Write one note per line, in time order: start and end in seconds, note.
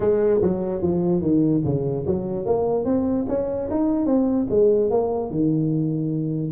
0.00 0.40 G#3
0.42 0.81 F#3
0.81 1.21 F3
1.21 1.62 D#3
1.65 2.05 C#3
2.06 2.45 F#3
2.45 2.84 A#3
2.84 3.25 C4
3.28 3.69 C#4
3.70 4.06 D#4
4.06 4.47 C4
4.49 4.90 G#3
4.90 5.30 A#3
5.30 6.52 D#3